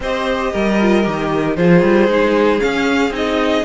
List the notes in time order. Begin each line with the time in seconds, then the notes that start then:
0.00 C4 G4 C5 D#5
0.52 G3 A#4
0.81 F4
1.03 D#3 G4
1.56 F3 F4 G#4 C5
1.81 G3
2.08 G#3 D#4
2.58 C#4 F5
2.64 C#4
3.10 C4 D#4 D#5